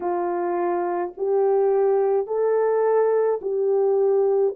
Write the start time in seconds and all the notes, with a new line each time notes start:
0.00 F4
1.17 G4
2.26 A4
3.41 G4